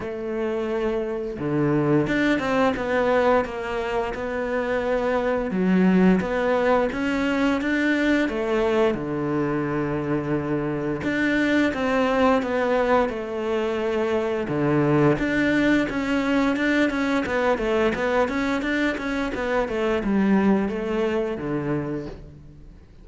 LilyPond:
\new Staff \with { instrumentName = "cello" } { \time 4/4 \tempo 4 = 87 a2 d4 d'8 c'8 | b4 ais4 b2 | fis4 b4 cis'4 d'4 | a4 d2. |
d'4 c'4 b4 a4~ | a4 d4 d'4 cis'4 | d'8 cis'8 b8 a8 b8 cis'8 d'8 cis'8 | b8 a8 g4 a4 d4 | }